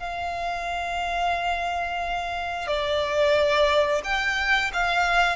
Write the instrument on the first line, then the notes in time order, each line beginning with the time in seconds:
violin
0.00 F5
2.68 D5
4.04 G5
4.73 F5